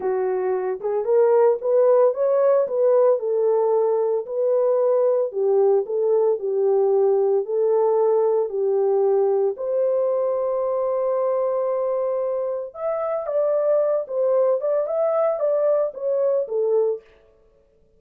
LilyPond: \new Staff \with { instrumentName = "horn" } { \time 4/4 \tempo 4 = 113 fis'4. gis'8 ais'4 b'4 | cis''4 b'4 a'2 | b'2 g'4 a'4 | g'2 a'2 |
g'2 c''2~ | c''1 | e''4 d''4. c''4 d''8 | e''4 d''4 cis''4 a'4 | }